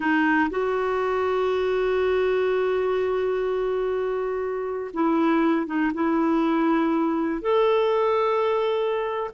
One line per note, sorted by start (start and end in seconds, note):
0.00 0.49 D#4
0.50 4.91 F#4
4.93 5.66 E4
5.66 5.91 D#4
5.94 7.41 E4
7.41 9.30 A4